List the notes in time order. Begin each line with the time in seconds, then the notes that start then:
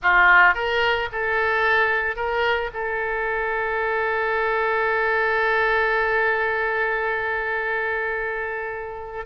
0.02 F4
0.54 A#4
1.12 A4
2.15 A#4
2.73 A4